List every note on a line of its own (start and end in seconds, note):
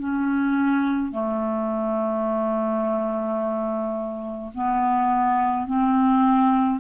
0.00 1.12 C#4
1.12 4.52 A3
4.54 5.67 B3
5.67 6.80 C4